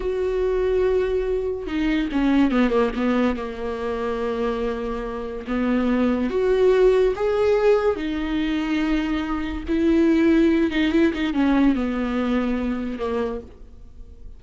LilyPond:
\new Staff \with { instrumentName = "viola" } { \time 4/4 \tempo 4 = 143 fis'1 | dis'4 cis'4 b8 ais8 b4 | ais1~ | ais4 b2 fis'4~ |
fis'4 gis'2 dis'4~ | dis'2. e'4~ | e'4. dis'8 e'8 dis'8 cis'4 | b2. ais4 | }